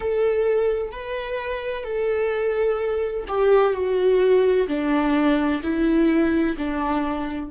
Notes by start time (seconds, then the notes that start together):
0.00 A4
0.92 B4
1.84 A4
3.28 G4
3.73 F#4
4.67 D4
5.62 E4
6.57 D4